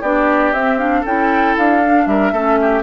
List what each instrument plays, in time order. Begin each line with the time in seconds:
0.00 bassoon B3, clarinet D4, oboe G4, flute D5
0.52 bassoon C4, clarinet C4, flute E5
0.78 clarinet D4, flute F5
1.01 bassoon C#4, clarinet E4, oboe A4, flute G5
1.57 bassoon D4, flute F5
1.83 clarinet D4
2.06 bassoon G3, oboe A#4, flute E5
2.32 bassoon A3, clarinet C#4, oboe A4
2.61 oboe G4